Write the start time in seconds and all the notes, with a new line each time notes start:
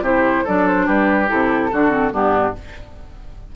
0.00 C3 E4 G4 C5
0.44 F#3 D4 A4 D5
0.67 C5
0.86 G3 G4 B4
1.27 C3 E4 A4
1.72 D3 D4 F#4
1.90 C4
2.11 G2 B3 D4 G4